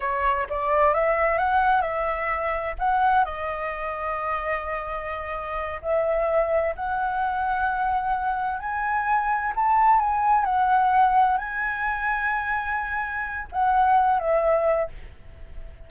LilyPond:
\new Staff \with { instrumentName = "flute" } { \time 4/4 \tempo 4 = 129 cis''4 d''4 e''4 fis''4 | e''2 fis''4 dis''4~ | dis''1~ | dis''8 e''2 fis''4.~ |
fis''2~ fis''8 gis''4.~ | gis''8 a''4 gis''4 fis''4.~ | fis''8 gis''2.~ gis''8~ | gis''4 fis''4. e''4. | }